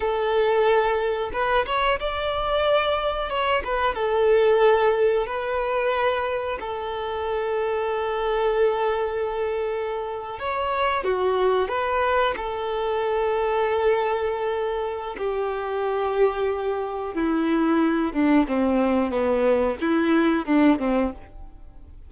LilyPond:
\new Staff \with { instrumentName = "violin" } { \time 4/4 \tempo 4 = 91 a'2 b'8 cis''8 d''4~ | d''4 cis''8 b'8 a'2 | b'2 a'2~ | a'2.~ a'8. cis''16~ |
cis''8. fis'4 b'4 a'4~ a'16~ | a'2. g'4~ | g'2 e'4. d'8 | c'4 b4 e'4 d'8 c'8 | }